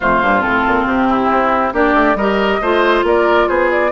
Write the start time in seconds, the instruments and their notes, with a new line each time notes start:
0.00 bassoon F2, clarinet A3, oboe F4, flute C5
0.22 bassoon G2, clarinet A#3
0.40 bassoon A2, clarinet C4, flute A4
0.66 bassoon A#2
0.85 bassoon C3, flute G4
1.08 oboe E4
1.31 bassoon C4
1.73 bassoon A#3, clarinet D4, oboe G4, flute D5
1.93 bassoon A3
2.14 bassoon G3, clarinet G4, oboe A#4, flute D#5
2.61 bassoon A3, clarinet F4, oboe C5
3.02 bassoon A#3, oboe A#4, flute D5
3.48 bassoon B3, oboe G#4, flute C5
3.71 flute D5